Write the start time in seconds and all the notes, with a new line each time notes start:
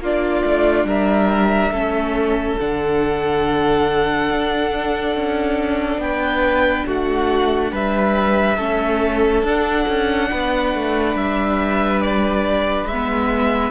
0.00 A#3 D4 F4 D5
0.45 A3
0.84 G3 A#4 E5
1.71 A3 C#4 A4
2.59 D3 D4 F#5
4.30 D4
5.16 C#4
5.98 B3 B4 G5
6.87 A3 F#4 F#5
7.72 G3 B4 E5
8.57 A3 C#4 A4
9.43 D4 F#5
9.88 C#4
10.31 B3 B4
10.75 A3
11.15 G3 E5
12.01 D5
12.85 G#3 E5
12.92 B3